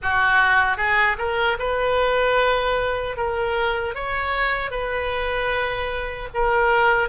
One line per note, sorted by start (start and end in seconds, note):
0.02 0.77 F#4
0.77 1.16 G#4
1.18 1.57 A#4
1.58 3.16 B4
3.16 3.95 A#4
3.95 4.70 C#5
4.70 6.28 B4
6.34 7.08 A#4